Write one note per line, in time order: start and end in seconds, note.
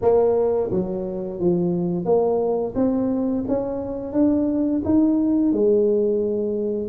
0.01 0.70 A#3
0.70 1.39 F#3
1.39 2.05 F3
2.05 2.74 A#3
2.75 3.44 C4
3.47 4.13 C#4
4.13 4.82 D4
4.84 5.52 D#4
5.52 6.88 G#3